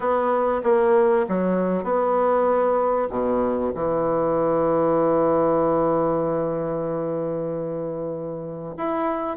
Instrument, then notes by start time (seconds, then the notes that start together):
bassoon
0.00 B3
0.63 A#3
1.28 F#3
1.83 B3
3.09 B2
3.74 E3
8.77 E4